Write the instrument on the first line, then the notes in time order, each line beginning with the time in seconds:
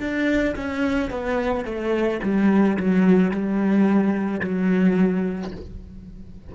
cello
0.00 D4
0.56 C#4
1.10 B3
1.65 A3
2.23 G3
2.77 F#3
3.31 G3
4.40 F#3